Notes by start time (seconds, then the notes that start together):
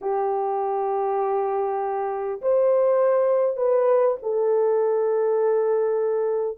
0.01 G4
2.41 C5
3.56 B4
4.22 A4